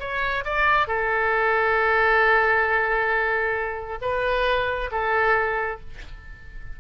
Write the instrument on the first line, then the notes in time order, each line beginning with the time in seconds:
oboe
0.00 C#5
0.45 D5
0.88 A4
4.02 B4
4.92 A4